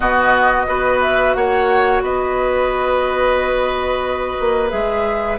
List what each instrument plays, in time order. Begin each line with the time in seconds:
0.00 bassoon B2, clarinet B3, oboe F#4, flute D#5
0.67 bassoon B3, clarinet F#4, oboe B4
1.01 flute E5
1.34 bassoon A#3, oboe C#5, flute F#5
2.01 bassoon B3, oboe B4, flute D#5
4.39 bassoon A#3
4.69 bassoon G#3, clarinet G#4, flute E5